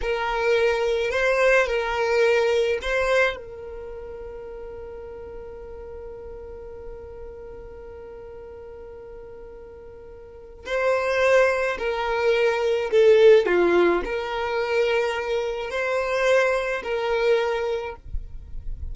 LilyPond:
\new Staff \with { instrumentName = "violin" } { \time 4/4 \tempo 4 = 107 ais'2 c''4 ais'4~ | ais'4 c''4 ais'2~ | ais'1~ | ais'1~ |
ais'2. c''4~ | c''4 ais'2 a'4 | f'4 ais'2. | c''2 ais'2 | }